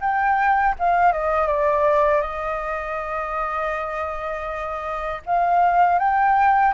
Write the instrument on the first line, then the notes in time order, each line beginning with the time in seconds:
flute
0.00 G5
0.79 F5
1.12 D#5
1.47 D5
2.21 D#5
5.26 F5
5.98 G5